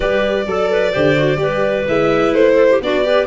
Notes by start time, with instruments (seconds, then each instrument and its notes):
0.00 tuba G3, viola G4, clarinet B4, violin D5
0.46 tuba F#3, viola A4, clarinet A4
0.71 clarinet B4
0.92 tuba D3, viola G4, clarinet C5
1.17 viola F#4
1.36 tuba G3, viola G4, clarinet B4
1.88 tuba G#3, viola E4, violin E5
2.32 tuba A3, violin C5
2.54 clarinet A4
2.70 clarinet G4
2.81 tuba B3, viola D4, clarinet F#4, violin D5
3.03 viola G4, clarinet B4